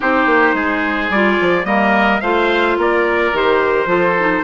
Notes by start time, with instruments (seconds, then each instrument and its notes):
0.00 bassoon C4, clarinet D#4, oboe G4, trumpet C5
0.26 bassoon A#3
0.53 bassoon G#3, oboe G#4
1.09 bassoon G3, clarinet F4, trumpet D5
1.41 bassoon F3
1.64 bassoon G3, clarinet A#3, oboe A#4, trumpet D#5
2.20 bassoon A3, clarinet F4, oboe C5, trumpet F5
2.77 bassoon A#3, oboe A#4, trumpet D5
3.32 bassoon D#3, clarinet G4, trumpet C5
3.85 bassoon F3, clarinet F4, oboe A4
4.19 clarinet D#4